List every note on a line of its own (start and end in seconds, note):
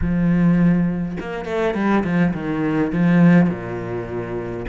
0.01 1.17 F3
1.19 1.45 A#3
1.45 1.74 A3
1.74 2.03 G3
2.04 2.33 F3
2.33 2.92 D#3
2.92 3.49 F3
3.49 4.65 A#2